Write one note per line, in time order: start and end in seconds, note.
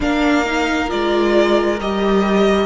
0.00 0.91 A#3
0.00 0.45 D4
0.00 2.65 A#4
0.00 0.90 F5
0.45 0.88 D#4
0.88 1.80 G#3
0.88 1.77 F4
0.88 1.79 D5
1.80 2.65 G3
1.80 2.65 G4
1.80 2.65 D#5